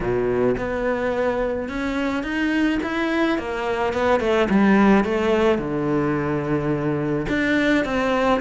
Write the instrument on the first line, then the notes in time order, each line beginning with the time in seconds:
cello
0.00 B2
0.57 B3
1.68 C#4
2.23 D#4
2.83 E4
3.38 A#3
3.93 B3
4.20 A3
4.49 G3
5.04 A3
5.58 D3
7.28 D4
7.85 C4